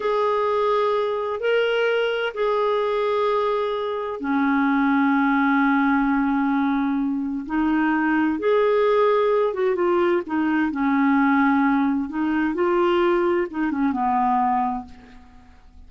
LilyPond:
\new Staff \with { instrumentName = "clarinet" } { \time 4/4 \tempo 4 = 129 gis'2. ais'4~ | ais'4 gis'2.~ | gis'4 cis'2.~ | cis'1 |
dis'2 gis'2~ | gis'8 fis'8 f'4 dis'4 cis'4~ | cis'2 dis'4 f'4~ | f'4 dis'8 cis'8 b2 | }